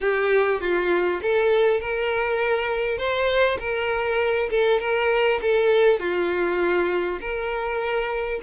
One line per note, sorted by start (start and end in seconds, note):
0.01 0.60 G4
0.60 1.20 F4
1.22 1.80 A4
1.80 2.98 A#4
2.98 3.58 C5
3.59 4.49 A#4
4.49 4.79 A4
4.80 5.40 A#4
5.41 5.99 A4
5.99 7.19 F4
7.20 8.40 A#4